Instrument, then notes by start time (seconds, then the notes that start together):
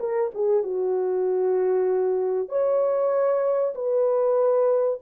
horn
0.00 A#4
0.35 G#4
0.63 F#4
2.49 C#5
3.75 B4